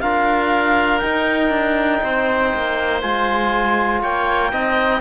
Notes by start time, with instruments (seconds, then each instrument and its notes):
0.00 cello D4, trombone F4, oboe A#4, clarinet F5
0.99 trombone D#4, cello D#4, clarinet G5
1.49 cello D4
2.03 cello C4, oboe C5
2.54 cello A#3
3.01 cello G#3, trombone F4, clarinet G#5
4.01 cello A#3, oboe C#5, clarinet G5
4.51 cello C4, trombone D#4, oboe D#5